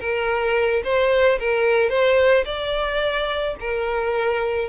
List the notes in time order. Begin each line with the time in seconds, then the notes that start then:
0.00 A#4
0.84 C5
1.39 A#4
1.89 C5
2.45 D5
3.60 A#4